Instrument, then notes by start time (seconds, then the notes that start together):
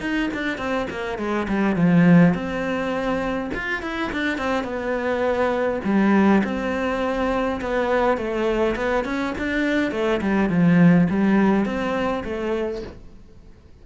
cello
0.00 D#4
0.34 D4
0.58 C4
0.90 A#3
1.18 G#3
1.48 G3
1.76 F3
2.34 C4
3.54 F4
3.82 E4
4.12 D4
4.37 C4
4.64 B3
5.84 G3
6.44 C4
7.61 B3
8.17 A3
8.76 B3
9.05 C#4
9.38 D4
9.91 A3
10.21 G3
10.49 F3
11.10 G3
11.65 C4
12.24 A3